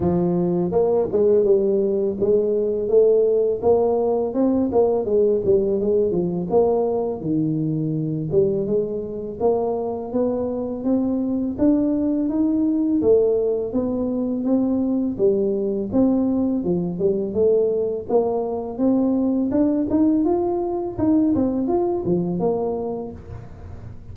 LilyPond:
\new Staff \with { instrumentName = "tuba" } { \time 4/4 \tempo 4 = 83 f4 ais8 gis8 g4 gis4 | a4 ais4 c'8 ais8 gis8 g8 | gis8 f8 ais4 dis4. g8 | gis4 ais4 b4 c'4 |
d'4 dis'4 a4 b4 | c'4 g4 c'4 f8 g8 | a4 ais4 c'4 d'8 dis'8 | f'4 dis'8 c'8 f'8 f8 ais4 | }